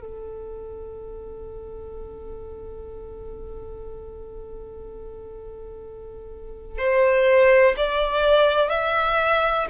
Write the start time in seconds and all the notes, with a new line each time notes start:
0.00 A4
6.78 C5
7.76 D5
8.69 E5